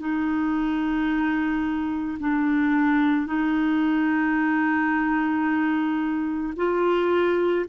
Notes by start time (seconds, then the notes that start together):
0.00 D#4
2.20 D4
3.26 D#4
6.57 F4